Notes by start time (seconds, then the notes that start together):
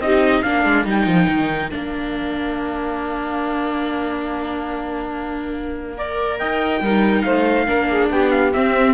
0.00 C4 D#4 G4 D#5
0.42 A#3 D4 A#4 F5
0.64 G#3
0.86 G3 D#4 G5
1.06 F3
1.28 D#3
1.71 A#3 D4 F5
5.97 A#4 D5
6.39 D#4 D#5 G5
6.81 G3 D#4 A#4
7.23 A3 C5 F5
7.67 A#3 D4 A#4
7.91 G#4
8.11 B3 G4 G5
8.31 F5
8.53 C4 E5